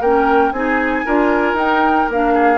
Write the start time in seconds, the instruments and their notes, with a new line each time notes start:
0.00 bassoon A#3, clarinet C#4, oboe A#4, flute G5
0.51 bassoon C4, clarinet D#4, oboe G#4, flute G#5
1.05 bassoon D4, clarinet F4, oboe A#4
1.53 bassoon D#4, clarinet D#4, flute G5
2.08 bassoon A#3, clarinet D4, flute F5
2.34 oboe G#4